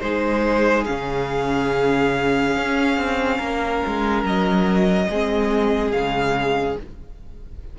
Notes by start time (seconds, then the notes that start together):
0.00 G#3 D#4 G#4 C5
0.85 C#3 C#4 F5
2.57 C#4
2.97 C4
3.37 A#3 A#4
3.87 G#3
4.24 F#3 D#5
5.10 G#3 C4 G#4
5.92 C#3 G#3 F5